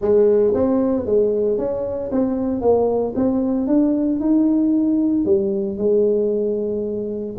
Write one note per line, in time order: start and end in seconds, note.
0.01 0.53 G#3
0.54 1.05 C4
1.05 1.58 G#3
1.58 2.10 C#4
2.11 2.61 C4
2.61 3.14 A#3
3.15 3.67 C4
3.67 4.20 D4
4.20 5.25 D#4
5.25 5.77 G3
5.77 7.35 G#3